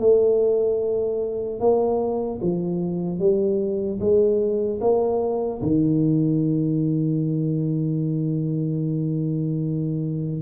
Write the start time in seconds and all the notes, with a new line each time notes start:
0.00 A3
1.60 A#3
2.42 F3
3.20 G3
4.00 G#3
4.81 A#3
5.63 D#3